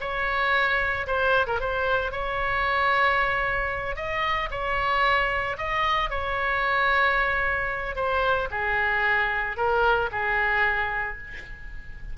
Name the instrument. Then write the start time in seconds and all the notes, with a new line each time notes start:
oboe
0.00 C#5
1.06 C5
1.47 A#4
1.60 C5
2.11 C#5
3.96 D#5
4.50 C#5
5.57 D#5
6.10 C#5
7.95 C5
8.51 G#4
9.56 A#4
10.11 G#4